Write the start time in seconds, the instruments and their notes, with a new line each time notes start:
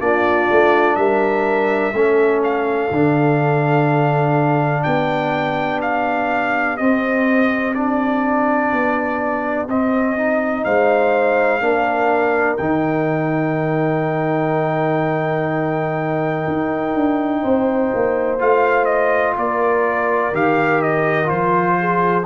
0.00 tuba A#3, trombone D4, horn F4, trumpet D5
0.51 tuba A3
0.96 tuba G3, horn A#4, trumpet E5
1.93 tuba A3, trombone C#4, horn A4
2.44 trumpet F5
2.91 tuba D3, trombone D4
4.83 tuba B3, horn G4, trumpet G5
5.81 trumpet F5
6.77 trombone C4, tuba C4, trumpet D#5
7.74 trombone D4, trumpet D5
8.73 tuba B3
9.68 tuba C4, trombone C4, trumpet D#5
10.18 trombone D#4
10.64 tuba G#3, horn C5, trumpet F5
11.60 tuba A#3, trombone D4, horn A#4
12.57 tuba D#3, trombone D#4, trumpet G5
16.47 tuba D#4
16.94 tuba D4
17.42 tuba C4, horn C5
17.94 tuba A#3
18.39 tuba A3, trombone F4, trumpet F5
18.85 trumpet D#5
19.36 tuba A#3, horn A#4, trumpet D5
20.32 tuba D#3, trombone G4, trumpet F5
20.82 trumpet D#5
21.25 tuba F3, trombone F4, trumpet C5
21.79 horn G#4